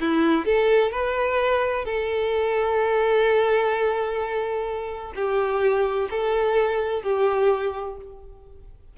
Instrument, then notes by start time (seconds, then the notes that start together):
violin
0.00 E4
0.45 A4
0.91 B4
1.85 A4
5.15 G4
6.10 A4
7.02 G4